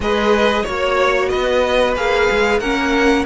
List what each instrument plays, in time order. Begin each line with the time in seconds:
0.00 cello G#3, viola G#4, violin B4 D#5
0.62 cello A#3, viola F#4, violin C#5
1.29 cello B3, violin B4 D#5
1.96 cello A#3, viola G#4, violin F5
2.31 cello G#3
2.59 cello A#3, viola C#4, violin A#4 F#5